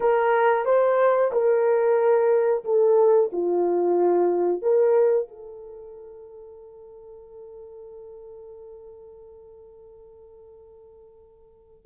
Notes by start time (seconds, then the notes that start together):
0.00 A#4
0.65 C5
1.32 A#4
2.64 A4
3.32 F4
4.62 A#4
5.27 A4